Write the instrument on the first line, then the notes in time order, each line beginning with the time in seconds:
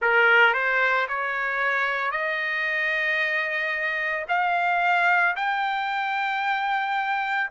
trumpet
0.01 A#4
0.53 C5
1.08 C#5
2.11 D#5
4.28 F5
5.36 G5